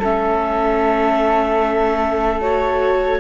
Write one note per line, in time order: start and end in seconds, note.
0.00 3.20 A3
0.00 2.41 C#4
0.00 3.20 A4
0.00 2.42 E5
2.41 3.20 F#4
2.41 3.20 C#5